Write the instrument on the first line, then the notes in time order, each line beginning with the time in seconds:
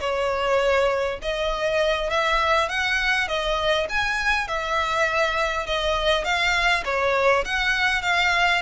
violin
0.00 C#5
1.22 D#5
2.10 E5
2.68 F#5
3.28 D#5
3.89 G#5
4.47 E5
5.66 D#5
6.24 F5
6.85 C#5
7.44 F#5
8.02 F5